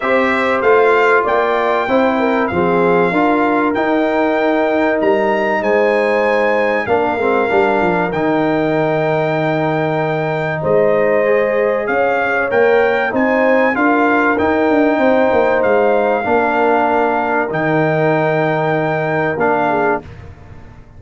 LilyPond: <<
  \new Staff \with { instrumentName = "trumpet" } { \time 4/4 \tempo 4 = 96 e''4 f''4 g''2 | f''2 g''2 | ais''4 gis''2 f''4~ | f''4 g''2.~ |
g''4 dis''2 f''4 | g''4 gis''4 f''4 g''4~ | g''4 f''2. | g''2. f''4 | }
  \new Staff \with { instrumentName = "horn" } { \time 4/4 c''2 d''4 c''8 ais'8 | gis'4 ais'2.~ | ais'4 c''2 ais'4~ | ais'1~ |
ais'4 c''2 cis''4~ | cis''4 c''4 ais'2 | c''2 ais'2~ | ais'2.~ ais'8 gis'8 | }
  \new Staff \with { instrumentName = "trombone" } { \time 4/4 g'4 f'2 e'4 | c'4 f'4 dis'2~ | dis'2. d'8 c'8 | d'4 dis'2.~ |
dis'2 gis'2 | ais'4 dis'4 f'4 dis'4~ | dis'2 d'2 | dis'2. d'4 | }
  \new Staff \with { instrumentName = "tuba" } { \time 4/4 c'4 a4 ais4 c'4 | f4 d'4 dis'2 | g4 gis2 ais8 gis8 | g8 f8 dis2.~ |
dis4 gis2 cis'4 | ais4 c'4 d'4 dis'8 d'8 | c'8 ais8 gis4 ais2 | dis2. ais4 | }
>>